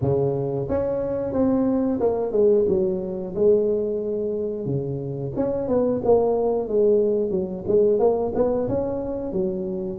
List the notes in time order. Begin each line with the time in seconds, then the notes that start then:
0.01 C#3
0.68 C#4
1.32 C4
1.99 A#3
2.32 G#3
2.68 F#3
3.35 G#3
4.65 C#3
5.35 C#4
5.68 B3
6.04 A#3
6.68 G#3
7.30 F#3
7.67 G#3
7.99 A#3
8.34 B3
8.68 C#4
9.32 F#3